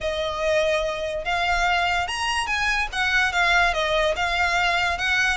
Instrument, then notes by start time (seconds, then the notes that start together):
violin
0.01 D#5
1.24 F5
2.07 A#5
2.46 G#5
2.92 F#5
3.32 F5
3.73 D#5
4.16 F5
4.98 F#5